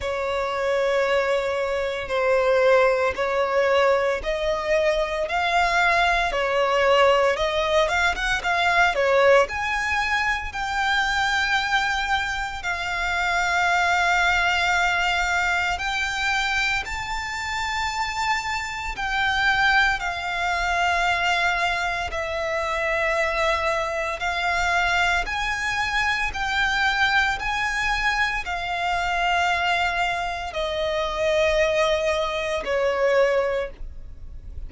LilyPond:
\new Staff \with { instrumentName = "violin" } { \time 4/4 \tempo 4 = 57 cis''2 c''4 cis''4 | dis''4 f''4 cis''4 dis''8 f''16 fis''16 | f''8 cis''8 gis''4 g''2 | f''2. g''4 |
a''2 g''4 f''4~ | f''4 e''2 f''4 | gis''4 g''4 gis''4 f''4~ | f''4 dis''2 cis''4 | }